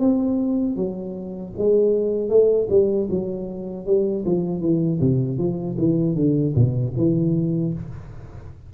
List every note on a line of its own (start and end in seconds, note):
0.00 0.76 C4
0.76 1.53 F#3
1.58 2.30 G#3
2.30 2.68 A3
2.70 3.08 G3
3.10 3.86 F#3
3.86 4.25 G3
4.26 4.61 F3
4.61 5.00 E3
5.01 5.38 C3
5.38 5.77 F3
5.78 6.16 E3
6.16 6.54 D3
6.56 6.94 B2
6.97 7.74 E3